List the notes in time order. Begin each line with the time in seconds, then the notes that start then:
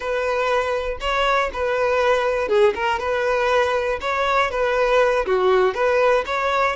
0.00 B4
1.00 C#5
1.53 B4
2.48 G#4
2.74 A#4
2.99 B4
4.00 C#5
4.50 B4
5.26 F#4
5.74 B4
6.26 C#5